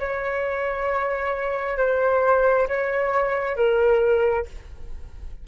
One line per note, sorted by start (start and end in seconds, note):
0.00 1.78 C#5
1.78 2.68 C5
2.68 3.57 C#5
3.57 4.46 A#4